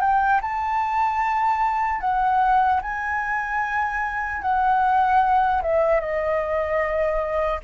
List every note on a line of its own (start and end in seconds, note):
0.00 0.40 G5
0.41 2.00 A5
2.00 2.80 F#5
2.81 4.41 G#5
4.41 5.61 F#5
5.62 6.00 E5
6.00 7.60 D#5